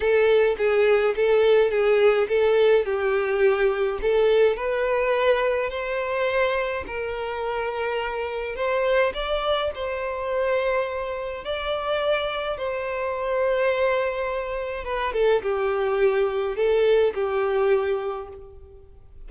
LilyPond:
\new Staff \with { instrumentName = "violin" } { \time 4/4 \tempo 4 = 105 a'4 gis'4 a'4 gis'4 | a'4 g'2 a'4 | b'2 c''2 | ais'2. c''4 |
d''4 c''2. | d''2 c''2~ | c''2 b'8 a'8 g'4~ | g'4 a'4 g'2 | }